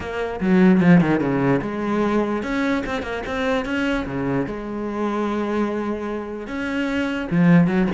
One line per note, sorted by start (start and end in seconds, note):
0.00 0.39 A#3
0.40 0.80 F#3
0.80 1.00 F3
1.00 1.20 D#3
1.20 1.60 C#3
1.61 2.42 G#3
2.42 2.83 C#4
2.85 3.02 C4
3.02 3.22 A#3
3.26 3.65 C4
3.65 4.05 C#4
4.06 4.46 C#3
4.46 6.47 G#3
6.47 7.28 C#4
7.30 7.67 F3
7.67 7.87 F#3